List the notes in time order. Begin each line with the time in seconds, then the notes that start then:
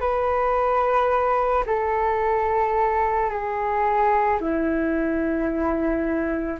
0.00 B4
1.66 A4
3.30 G#4
4.40 E4